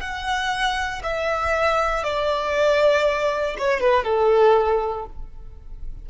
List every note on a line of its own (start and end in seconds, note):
0.00 1.02 F#5
1.03 2.03 E5
2.03 3.56 D5
3.58 3.80 C#5
3.80 4.04 B4
4.04 5.06 A4